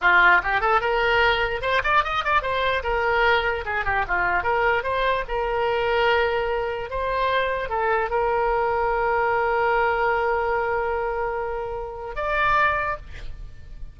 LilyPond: \new Staff \with { instrumentName = "oboe" } { \time 4/4 \tempo 4 = 148 f'4 g'8 a'8 ais'2 | c''8 d''8 dis''8 d''8 c''4 ais'4~ | ais'4 gis'8 g'8 f'4 ais'4 | c''4 ais'2.~ |
ais'4 c''2 a'4 | ais'1~ | ais'1~ | ais'2 d''2 | }